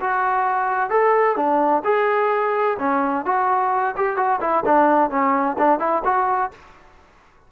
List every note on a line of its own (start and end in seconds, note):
0.00 0.89 F#4
0.89 1.36 A4
1.36 1.82 D4
1.84 2.77 G#4
2.78 3.25 C#4
3.25 3.95 F#4
3.96 4.16 G4
4.16 4.39 F#4
4.40 4.63 E4
4.65 5.10 D4
5.10 5.56 C#4
5.58 5.79 D4
5.79 6.02 E4
6.04 6.51 F#4